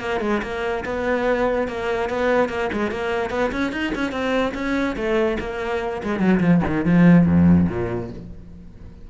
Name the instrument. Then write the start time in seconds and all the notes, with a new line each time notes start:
cello
0.00 A#3
0.21 G#3
0.43 A#3
0.85 B3
1.68 A#3
2.09 B3
2.49 A#3
2.73 G#3
2.91 A#3
3.30 B3
3.52 C#4
3.72 D#4
3.95 C#4
4.12 C4
4.54 C#4
4.96 A3
5.40 A#3
6.03 G#3
6.19 F#3
6.40 F3
6.67 D#3
6.85 F3
7.26 F2
7.69 A#2